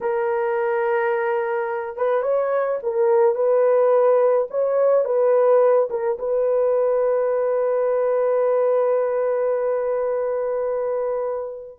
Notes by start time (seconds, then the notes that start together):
0.01 A#4
1.97 B4
2.22 C#5
2.83 A#4
3.35 B4
4.50 C#5
5.04 B4
5.90 A#4
6.19 B4